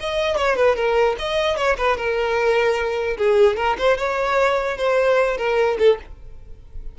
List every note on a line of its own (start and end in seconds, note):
0.00 0.36 D#5
0.36 0.56 C#5
0.56 0.76 B4
0.76 1.16 A#4
1.18 1.56 D#5
1.56 1.76 C#5
1.77 1.97 B4
1.97 3.17 A#4
3.17 3.57 G#4
3.57 3.77 A#4
3.78 3.97 C5
3.97 4.77 C#5
4.77 5.37 C5
5.37 5.77 A#4
5.79 5.99 A4